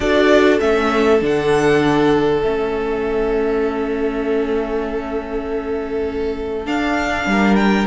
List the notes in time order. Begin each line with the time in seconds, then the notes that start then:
0.00 D4 F#4 A4 D5
0.59 A3 C#4 E5
1.20 D3 D4 F#5
2.42 A3 C#4 E5
6.65 D4 F5
7.26 G3 A#4
7.55 G5